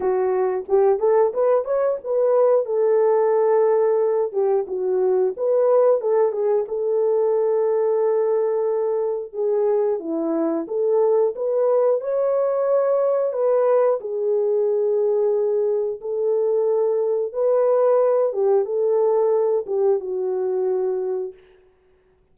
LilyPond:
\new Staff \with { instrumentName = "horn" } { \time 4/4 \tempo 4 = 90 fis'4 g'8 a'8 b'8 cis''8 b'4 | a'2~ a'8 g'8 fis'4 | b'4 a'8 gis'8 a'2~ | a'2 gis'4 e'4 |
a'4 b'4 cis''2 | b'4 gis'2. | a'2 b'4. g'8 | a'4. g'8 fis'2 | }